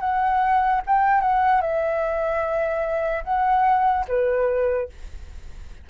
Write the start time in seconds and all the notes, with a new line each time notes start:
0.00 F#5
0.86 G5
1.21 F#5
1.61 E5
3.24 F#5
4.08 B4